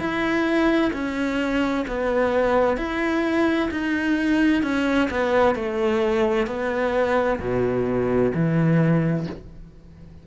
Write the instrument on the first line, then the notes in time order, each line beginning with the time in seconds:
cello
0.00 E4
0.93 C#4
1.88 B3
2.78 E4
3.71 D#4
4.63 C#4
5.11 B3
5.56 A3
6.47 B3
7.40 B2
8.35 E3